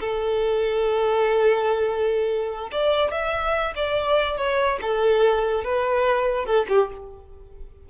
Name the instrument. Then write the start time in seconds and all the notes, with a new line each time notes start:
violin
0.00 A4
2.71 D5
3.11 E5
3.76 D5
4.37 C#5
4.81 A4
5.64 B4
6.45 A4
6.69 G4